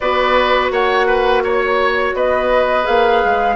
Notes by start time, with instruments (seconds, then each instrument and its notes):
0.00 bassoon B3, clarinet F#4, oboe B4, flute D5
0.71 bassoon A#3, oboe C#5, flute F#5
1.07 oboe B4
1.43 oboe C#5, flute C#5
2.14 bassoon B3, oboe B4, flute D#5
2.83 bassoon A#3, clarinet G#4, flute F5
3.24 bassoon G#3